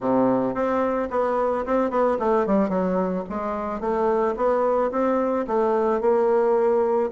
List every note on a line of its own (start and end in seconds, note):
0.00 0.54 C3
0.54 1.08 C4
1.10 1.65 B3
1.65 1.90 C4
1.90 2.17 B3
2.19 2.46 A3
2.46 2.69 G3
2.69 3.23 F#3
3.29 3.80 G#3
3.80 4.35 A3
4.36 4.90 B3
4.91 5.45 C4
5.47 6.00 A3
6.00 7.10 A#3